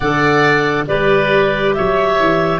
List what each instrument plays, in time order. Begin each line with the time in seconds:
0.00 tuba D3, clarinet A4 F#5, oboe D5
0.87 tuba G3, clarinet G4 D5, oboe B4
1.74 tuba F#3, oboe C#5, clarinet E5
2.19 tuba E3